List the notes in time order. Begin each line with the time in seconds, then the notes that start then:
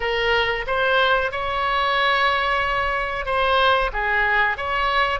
0.00 A#4
0.66 C5
1.31 C#5
3.25 C5
3.92 G#4
4.57 C#5